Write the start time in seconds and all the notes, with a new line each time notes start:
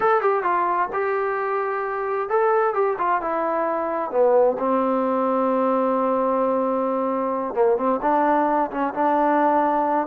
0.00 A4
0.21 G4
0.43 F4
0.92 G4
2.29 A4
2.74 G4
2.98 F4
3.21 E4
4.11 B3
4.59 C4
7.54 A#3
7.77 C4
8.02 D4
8.70 C#4
8.94 D4